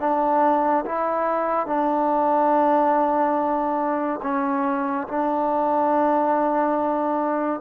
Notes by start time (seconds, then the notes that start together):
0.00 D4
0.86 E4
1.67 D4
4.23 C#4
5.08 D4